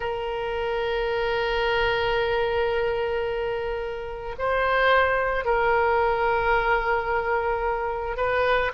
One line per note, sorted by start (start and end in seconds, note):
0.00 4.35 A#4
4.38 5.44 C5
5.44 8.16 A#4
8.16 8.71 B4